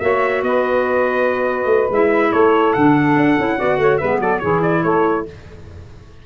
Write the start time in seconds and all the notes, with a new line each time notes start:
0.00 A#3 F#4 C#5 E5
0.42 B3 B4 D#5
1.65 A3
1.90 G#3 E4 E5
2.30 A3 A4 C#5
2.73 D3 D4 F#5
3.16 D4
3.38 C#4 E4
3.57 B3 F#4 D5
3.78 A3 C#5
3.98 G#3 B3 B4 E5
4.19 F#3 A4 D5
4.39 E3 E4 G#4 C#5
4.62 D5
4.83 A3 A4 C#5